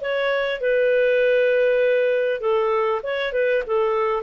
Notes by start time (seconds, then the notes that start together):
0.00 C#5
0.60 B4
2.40 A4
3.02 C#5
3.32 B4
3.66 A4